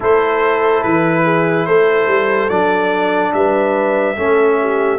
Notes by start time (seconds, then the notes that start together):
0.00 A3 E4 A4 C5
0.83 E3 B4
1.24 G#4
1.66 A3 A4 C5
2.07 G3
2.49 F#3 D4 D5
3.33 G3 B4 E5
4.16 A3 C#4 A4
4.60 G4